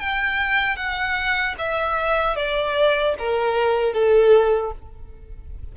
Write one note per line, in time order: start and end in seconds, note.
0.00 0.76 G5
0.76 1.55 F#5
1.59 2.36 E5
2.36 3.15 D5
3.19 3.94 A#4
3.94 4.73 A4